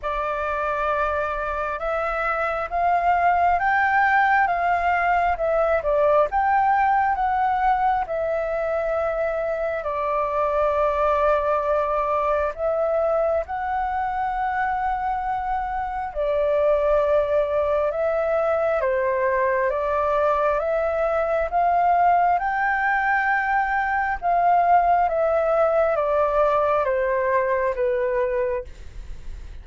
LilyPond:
\new Staff \with { instrumentName = "flute" } { \time 4/4 \tempo 4 = 67 d''2 e''4 f''4 | g''4 f''4 e''8 d''8 g''4 | fis''4 e''2 d''4~ | d''2 e''4 fis''4~ |
fis''2 d''2 | e''4 c''4 d''4 e''4 | f''4 g''2 f''4 | e''4 d''4 c''4 b'4 | }